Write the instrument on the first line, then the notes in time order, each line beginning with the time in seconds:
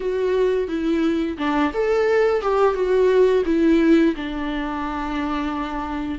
viola
0.00 F#4
0.68 E4
1.38 D4
1.73 A4
2.41 G4
2.74 F#4
3.45 E4
4.15 D4